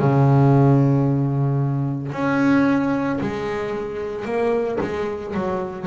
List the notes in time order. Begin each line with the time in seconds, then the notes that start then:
0.00 C#3
2.13 C#4
3.21 G#3
4.25 A#3
4.81 G#3
5.35 F#3